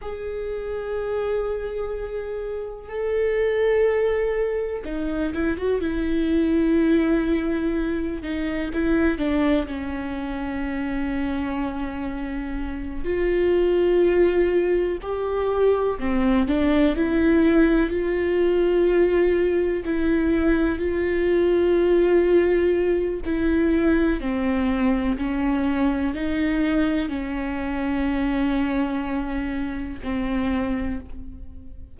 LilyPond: \new Staff \with { instrumentName = "viola" } { \time 4/4 \tempo 4 = 62 gis'2. a'4~ | a'4 dis'8 e'16 fis'16 e'2~ | e'8 dis'8 e'8 d'8 cis'2~ | cis'4. f'2 g'8~ |
g'8 c'8 d'8 e'4 f'4.~ | f'8 e'4 f'2~ f'8 | e'4 c'4 cis'4 dis'4 | cis'2. c'4 | }